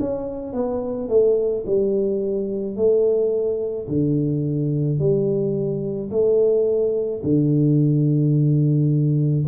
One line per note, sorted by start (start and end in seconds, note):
0.00 0.54 C#4
0.54 1.09 B3
1.09 1.65 A3
1.67 2.77 G3
2.77 3.88 A3
3.88 4.99 D3
4.99 6.11 G3
6.11 7.22 A3
7.24 9.46 D3